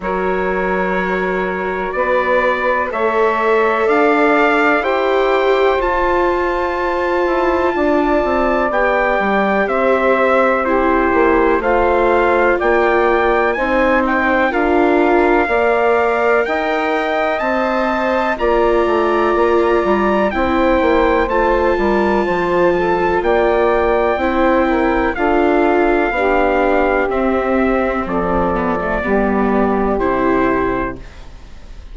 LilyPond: <<
  \new Staff \with { instrumentName = "trumpet" } { \time 4/4 \tempo 4 = 62 cis''2 d''4 e''4 | f''4 g''4 a''2~ | a''4 g''4 e''4 c''4 | f''4 g''4 gis''8 g''8 f''4~ |
f''4 g''4 a''4 ais''4~ | ais''4 g''4 a''2 | g''2 f''2 | e''4 d''2 c''4 | }
  \new Staff \with { instrumentName = "saxophone" } { \time 4/4 ais'2 b'4 cis''4 | d''4 c''2. | d''2 c''4 g'4 | c''4 d''4 c''4 ais'4 |
d''4 dis''2 d''4~ | d''4 c''4. ais'8 c''8 a'8 | d''4 c''8 ais'8 a'4 g'4~ | g'4 a'4 g'2 | }
  \new Staff \with { instrumentName = "viola" } { \time 4/4 fis'2. a'4~ | a'4 g'4 f'2~ | f'4 g'2 e'4 | f'2 dis'4 f'4 |
ais'2 c''4 f'4~ | f'4 e'4 f'2~ | f'4 e'4 f'4 d'4 | c'4. b16 a16 b4 e'4 | }
  \new Staff \with { instrumentName = "bassoon" } { \time 4/4 fis2 b4 a4 | d'4 e'4 f'4. e'8 | d'8 c'8 b8 g8 c'4. ais8 | a4 ais4 c'4 d'4 |
ais4 dis'4 c'4 ais8 a8 | ais8 g8 c'8 ais8 a8 g8 f4 | ais4 c'4 d'4 b4 | c'4 f4 g4 c4 | }
>>